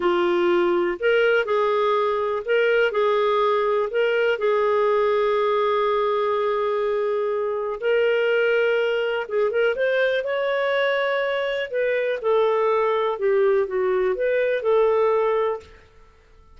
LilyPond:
\new Staff \with { instrumentName = "clarinet" } { \time 4/4 \tempo 4 = 123 f'2 ais'4 gis'4~ | gis'4 ais'4 gis'2 | ais'4 gis'2.~ | gis'1 |
ais'2. gis'8 ais'8 | c''4 cis''2. | b'4 a'2 g'4 | fis'4 b'4 a'2 | }